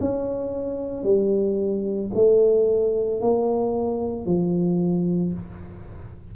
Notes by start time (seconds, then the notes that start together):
0.00 C#4
1.03 G3
2.14 A3
3.20 A#3
4.26 F3